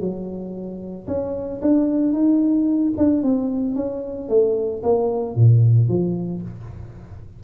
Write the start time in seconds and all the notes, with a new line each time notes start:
0.00 F#3
1.07 C#4
1.62 D4
2.13 D#4
2.98 D4
3.23 C4
3.75 C#4
4.29 A3
4.83 A#3
5.36 A#2
5.88 F3